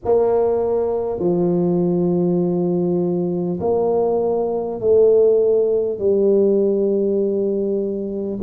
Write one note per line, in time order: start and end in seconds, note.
0.04 1.19 A#3
1.19 3.59 F3
3.60 4.80 A#3
4.80 5.98 A3
5.98 8.38 G3